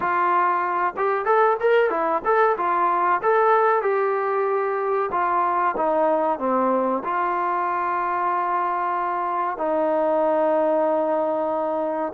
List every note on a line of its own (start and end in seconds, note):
0.00 0.94 F4
0.96 1.24 G4
1.24 1.56 A4
1.60 1.90 A#4
1.90 2.22 E4
2.24 2.56 A4
2.57 3.21 F4
3.22 3.82 A4
3.82 5.09 G4
5.11 5.75 F4
5.76 6.38 D#4
6.38 7.02 C4
7.04 9.57 F4
9.57 12.12 D#4